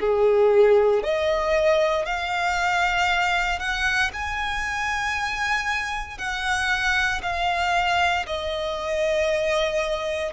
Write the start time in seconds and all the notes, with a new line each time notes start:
0.00 G#4
1.03 D#5
2.05 F5
3.59 F#5
4.13 G#5
6.18 F#5
7.23 F5
8.26 D#5